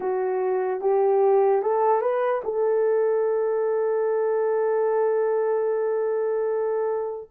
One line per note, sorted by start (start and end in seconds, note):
0.00 0.81 F#4
0.81 1.61 G4
1.61 2.00 A4
2.00 2.41 B4
2.43 7.30 A4